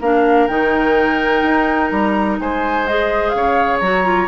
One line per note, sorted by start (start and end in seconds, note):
0.00 0.48 A#3
0.00 0.49 D4
0.00 2.39 A#4
0.00 0.47 F5
0.47 1.42 D#3
0.47 2.87 D#4
0.47 1.89 G5
1.42 1.90 D#4
1.89 2.39 G3
1.89 2.37 A#5
2.39 3.34 G#3
2.39 3.35 C5
2.39 2.87 G#5
2.87 3.83 G#4
2.87 3.29 D#5
3.29 3.80 C#3
3.29 3.77 F5
3.35 4.28 C#5
3.80 4.28 F#3
3.80 4.04 F#4
3.80 4.28 A#5
4.04 4.28 F4